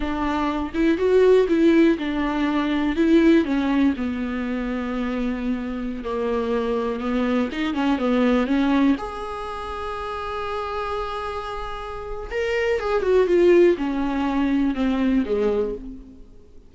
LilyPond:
\new Staff \with { instrumentName = "viola" } { \time 4/4 \tempo 4 = 122 d'4. e'8 fis'4 e'4 | d'2 e'4 cis'4 | b1~ | b16 ais2 b4 dis'8 cis'16~ |
cis'16 b4 cis'4 gis'4.~ gis'16~ | gis'1~ | gis'4 ais'4 gis'8 fis'8 f'4 | cis'2 c'4 gis4 | }